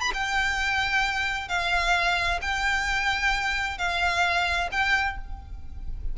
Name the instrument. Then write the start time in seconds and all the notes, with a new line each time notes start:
violin
0.00 B5
0.14 G5
1.48 F5
2.41 G5
3.78 F5
4.72 G5